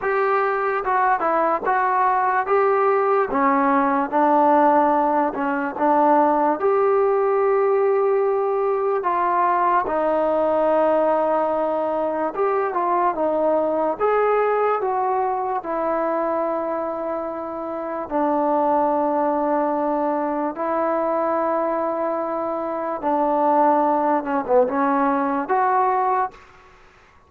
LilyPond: \new Staff \with { instrumentName = "trombone" } { \time 4/4 \tempo 4 = 73 g'4 fis'8 e'8 fis'4 g'4 | cis'4 d'4. cis'8 d'4 | g'2. f'4 | dis'2. g'8 f'8 |
dis'4 gis'4 fis'4 e'4~ | e'2 d'2~ | d'4 e'2. | d'4. cis'16 b16 cis'4 fis'4 | }